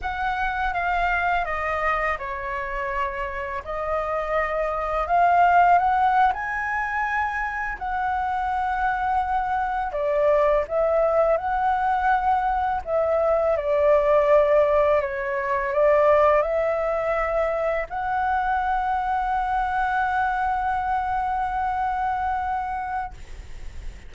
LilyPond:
\new Staff \with { instrumentName = "flute" } { \time 4/4 \tempo 4 = 83 fis''4 f''4 dis''4 cis''4~ | cis''4 dis''2 f''4 | fis''8. gis''2 fis''4~ fis''16~ | fis''4.~ fis''16 d''4 e''4 fis''16~ |
fis''4.~ fis''16 e''4 d''4~ d''16~ | d''8. cis''4 d''4 e''4~ e''16~ | e''8. fis''2.~ fis''16~ | fis''1 | }